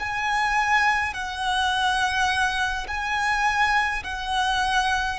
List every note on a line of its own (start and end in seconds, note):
0.00 1.14 G#5
1.14 2.87 F#5
2.88 4.03 G#5
4.04 5.19 F#5